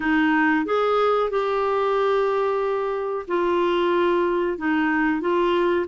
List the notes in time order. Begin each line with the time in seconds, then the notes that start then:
0.00 D#4
0.65 G#4
1.30 G4
3.27 F4
4.58 D#4
5.20 F4